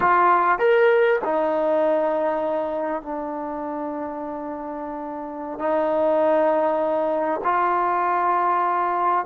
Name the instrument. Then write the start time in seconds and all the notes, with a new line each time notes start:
trombone
0.00 F4
0.58 A#4
1.24 D#4
3.02 D4
5.59 D#4
7.44 F4